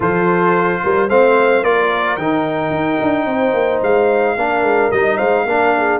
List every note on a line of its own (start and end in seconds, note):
0.00 0.80 F3
0.00 1.09 F4
0.00 0.82 A4
0.00 1.09 C5
0.83 1.09 G3
0.83 1.09 A#4
1.09 1.63 A3
1.09 1.64 C4
1.09 1.62 C5
1.09 1.64 F5
1.62 2.17 A#3
1.62 2.18 F4
1.62 3.26 A#4
1.62 2.16 D5
2.16 2.70 D#3
2.16 4.37 D#4
2.16 3.80 G5
2.70 2.97 D#4
3.01 3.25 D4
3.25 3.53 C4
3.25 4.35 C5
3.53 3.80 A#3
3.82 4.36 G#3
3.82 4.91 F5
4.35 4.62 A#3
4.35 4.92 D4
4.35 5.16 A#4
4.62 4.89 G#3
4.91 5.19 G3
4.91 5.47 D#4
4.91 5.17 D#5
5.16 5.45 G#3
5.16 5.44 C5
5.16 5.99 F5
5.45 5.99 A#3
5.45 6.00 D4
5.45 5.76 A#4
5.76 6.00 G#4